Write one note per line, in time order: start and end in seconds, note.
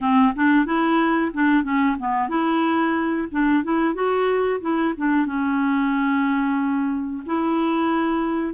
0.00 0.33 C4
0.35 0.65 D4
0.65 1.31 E4
1.33 1.63 D4
1.63 1.96 C#4
1.98 2.29 B3
2.29 3.28 E4
3.31 3.63 D4
3.63 3.94 E4
3.94 4.60 F#4
4.61 4.94 E4
4.97 5.25 D4
5.25 7.23 C#4
7.26 8.54 E4